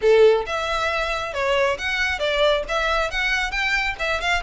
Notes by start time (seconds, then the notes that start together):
0.01 A4
0.46 E5
1.33 C#5
1.78 F#5
2.19 D5
2.68 E5
3.10 F#5
3.51 G5
3.99 E5
4.20 F5